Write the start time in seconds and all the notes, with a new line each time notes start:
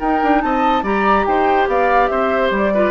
0.00 D#4 A#4 G5
0.23 D4
0.42 C4 D#5 A5
0.83 G3 G4 D5 A#5
1.26 D#4 C5 G5
1.68 B3 D5 F5
2.08 C4 C5 E5
2.51 G3 D5
2.74 F4 B4